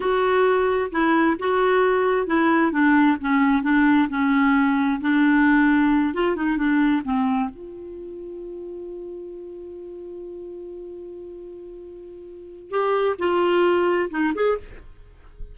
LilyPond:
\new Staff \with { instrumentName = "clarinet" } { \time 4/4 \tempo 4 = 132 fis'2 e'4 fis'4~ | fis'4 e'4 d'4 cis'4 | d'4 cis'2 d'4~ | d'4. f'8 dis'8 d'4 c'8~ |
c'8 f'2.~ f'8~ | f'1~ | f'1 | g'4 f'2 dis'8 gis'8 | }